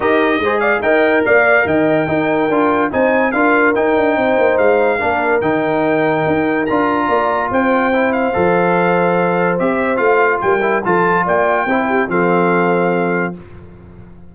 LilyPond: <<
  \new Staff \with { instrumentName = "trumpet" } { \time 4/4 \tempo 4 = 144 dis''4. f''8 g''4 f''4 | g''2. gis''4 | f''4 g''2 f''4~ | f''4 g''2. |
ais''2 g''4. f''8~ | f''2. e''4 | f''4 g''4 a''4 g''4~ | g''4 f''2. | }
  \new Staff \with { instrumentName = "horn" } { \time 4/4 ais'4 c''8 d''8 dis''4 d''4 | dis''4 ais'2 c''4 | ais'2 c''2 | ais'1~ |
ais'4 d''4 c''2~ | c''1~ | c''4 ais'4 a'4 d''4 | c''8 g'8 a'2. | }
  \new Staff \with { instrumentName = "trombone" } { \time 4/4 g'4 gis'4 ais'2~ | ais'4 dis'4 f'4 dis'4 | f'4 dis'2. | d'4 dis'2. |
f'2. e'4 | a'2. g'4 | f'4. e'8 f'2 | e'4 c'2. | }
  \new Staff \with { instrumentName = "tuba" } { \time 4/4 dis'4 gis4 dis'4 ais4 | dis4 dis'4 d'4 c'4 | d'4 dis'8 d'8 c'8 ais8 gis4 | ais4 dis2 dis'4 |
d'4 ais4 c'2 | f2. c'4 | a4 g4 f4 ais4 | c'4 f2. | }
>>